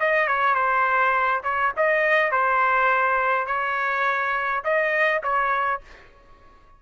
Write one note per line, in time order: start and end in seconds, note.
0.00 0.28 D#5
0.28 0.55 C#5
0.55 1.42 C5
1.44 1.73 C#5
1.77 2.32 D#5
2.32 3.47 C5
3.47 4.64 C#5
4.64 5.22 D#5
5.23 5.81 C#5